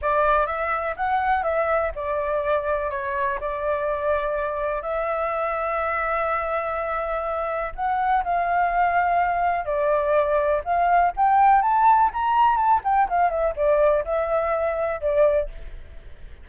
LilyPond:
\new Staff \with { instrumentName = "flute" } { \time 4/4 \tempo 4 = 124 d''4 e''4 fis''4 e''4 | d''2 cis''4 d''4~ | d''2 e''2~ | e''1 |
fis''4 f''2. | d''2 f''4 g''4 | a''4 ais''4 a''8 g''8 f''8 e''8 | d''4 e''2 d''4 | }